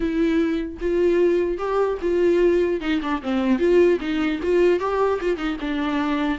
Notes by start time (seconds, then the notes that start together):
0.00 E4
0.81 F4
1.57 G4
2.01 F4
2.80 D#4
3.02 D4
3.22 C4
3.58 F4
4.00 D#4
4.43 F4
4.79 G4
5.21 F4
5.37 D#4
5.60 D4